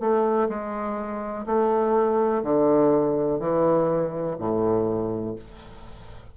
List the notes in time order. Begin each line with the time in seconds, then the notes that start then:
0.00 A3
0.49 G#3
1.46 A3
2.43 D3
3.40 E3
4.39 A2